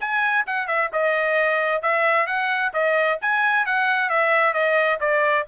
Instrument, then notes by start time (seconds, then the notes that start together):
trumpet
0.00 G#5
0.46 F#5
0.67 E5
0.93 D#5
1.82 E5
2.26 F#5
2.73 D#5
3.21 G#5
3.65 F#5
4.09 E5
4.53 D#5
5.00 D5